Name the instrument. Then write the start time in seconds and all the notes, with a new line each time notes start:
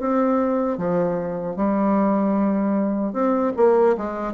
bassoon
0.00 C4
0.78 F3
1.56 G3
3.13 C4
3.57 A#3
3.98 G#3